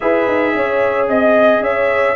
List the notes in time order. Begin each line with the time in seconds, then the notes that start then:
0.00 E4 G#4 B4 E5
0.27 D#4
0.53 C#4 C#5
1.07 C4 D#5
1.60 C#4 C#5 E5